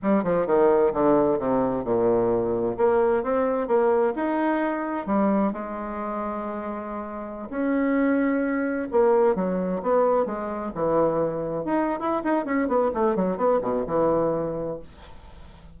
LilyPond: \new Staff \with { instrumentName = "bassoon" } { \time 4/4 \tempo 4 = 130 g8 f8 dis4 d4 c4 | ais,2 ais4 c'4 | ais4 dis'2 g4 | gis1~ |
gis16 cis'2. ais8.~ | ais16 fis4 b4 gis4 e8.~ | e4~ e16 dis'8. e'8 dis'8 cis'8 b8 | a8 fis8 b8 b,8 e2 | }